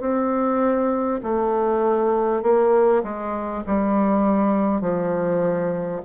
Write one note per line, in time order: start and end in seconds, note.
0.00 1.20 C4
1.23 2.43 A3
2.43 3.03 A#3
3.03 3.63 G#3
3.67 4.81 G3
4.81 6.01 F3